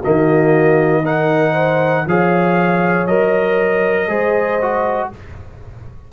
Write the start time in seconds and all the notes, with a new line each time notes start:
0.00 D#3 A#3 F#4 D#5
1.03 D#4 A#4 F#5
1.53 C5
2.07 F3 G#4 C#5 F5
3.07 F#3 A#4 D#5
4.08 G#3 G#4 C5
4.62 F#4